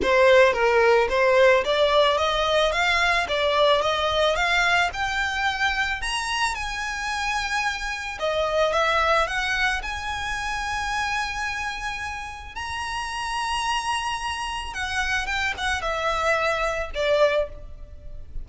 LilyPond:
\new Staff \with { instrumentName = "violin" } { \time 4/4 \tempo 4 = 110 c''4 ais'4 c''4 d''4 | dis''4 f''4 d''4 dis''4 | f''4 g''2 ais''4 | gis''2. dis''4 |
e''4 fis''4 gis''2~ | gis''2. ais''4~ | ais''2. fis''4 | g''8 fis''8 e''2 d''4 | }